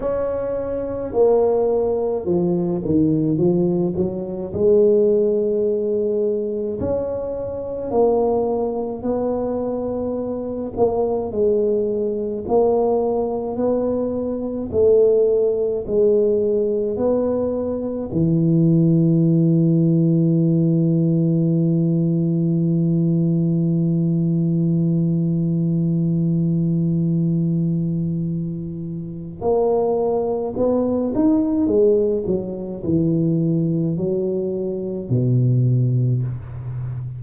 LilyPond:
\new Staff \with { instrumentName = "tuba" } { \time 4/4 \tempo 4 = 53 cis'4 ais4 f8 dis8 f8 fis8 | gis2 cis'4 ais4 | b4. ais8 gis4 ais4 | b4 a4 gis4 b4 |
e1~ | e1~ | e2 ais4 b8 dis'8 | gis8 fis8 e4 fis4 b,4 | }